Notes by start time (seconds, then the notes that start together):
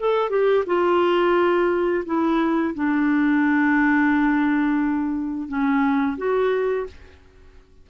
0.00 A4
0.30 G4
0.66 F4
2.06 E4
2.75 D4
5.48 C#4
6.18 F#4